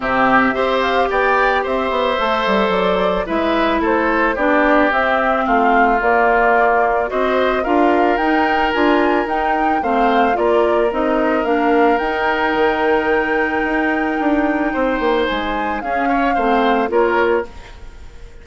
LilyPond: <<
  \new Staff \with { instrumentName = "flute" } { \time 4/4 \tempo 4 = 110 e''4. f''8 g''4 e''4~ | e''4 d''4 e''4 c''4 | d''4 e''4 f''4 d''4~ | d''4 dis''4 f''4 g''4 |
gis''4 g''4 f''4 d''4 | dis''4 f''4 g''2~ | g''1 | gis''4 f''2 cis''4 | }
  \new Staff \with { instrumentName = "oboe" } { \time 4/4 g'4 c''4 d''4 c''4~ | c''2 b'4 a'4 | g'2 f'2~ | f'4 c''4 ais'2~ |
ais'2 c''4 ais'4~ | ais'1~ | ais'2. c''4~ | c''4 gis'8 cis''8 c''4 ais'4 | }
  \new Staff \with { instrumentName = "clarinet" } { \time 4/4 c'4 g'2. | a'2 e'2 | d'4 c'2 ais4~ | ais4 fis'4 f'4 dis'4 |
f'4 dis'4 c'4 f'4 | dis'4 d'4 dis'2~ | dis'1~ | dis'4 cis'4 c'4 f'4 | }
  \new Staff \with { instrumentName = "bassoon" } { \time 4/4 c4 c'4 b4 c'8 b8 | a8 g8 fis4 gis4 a4 | b4 c'4 a4 ais4~ | ais4 c'4 d'4 dis'4 |
d'4 dis'4 a4 ais4 | c'4 ais4 dis'4 dis4~ | dis4 dis'4 d'4 c'8 ais8 | gis4 cis'4 a4 ais4 | }
>>